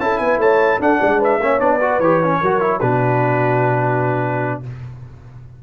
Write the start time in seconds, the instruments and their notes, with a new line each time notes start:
0.00 tuba C#4, trombone E4, horn A4, trumpet A5
0.18 tuba B3, horn B4, trumpet G#5
0.38 tuba A3, horn C#5, trumpet A5
0.80 tuba D4, trombone D4, horn A4, trumpet F#5
1.02 tuba G#3, horn D5
1.20 horn B4, trumpet E5
1.40 tuba A#3, trombone C#4, horn C#5
1.60 tuba B3, trombone D4, trumpet D5
1.79 trombone F#4, horn B4
2.00 tuba E3, trombone G4, trumpet C#5
2.23 trombone C#4
2.42 tuba F#3, trombone F#4, horn A#4
2.60 trombone E4
2.80 tuba B2, trombone D4, horn F#4, trumpet B4